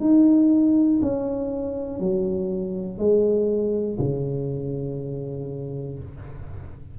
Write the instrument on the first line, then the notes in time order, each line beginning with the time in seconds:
tuba
0.00 D#4
1.02 C#4
2.00 F#3
2.99 G#3
3.99 C#3